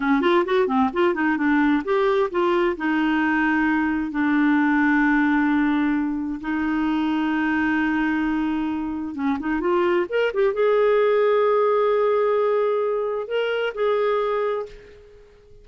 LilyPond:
\new Staff \with { instrumentName = "clarinet" } { \time 4/4 \tempo 4 = 131 cis'8 f'8 fis'8 c'8 f'8 dis'8 d'4 | g'4 f'4 dis'2~ | dis'4 d'2.~ | d'2 dis'2~ |
dis'1 | cis'8 dis'8 f'4 ais'8 g'8 gis'4~ | gis'1~ | gis'4 ais'4 gis'2 | }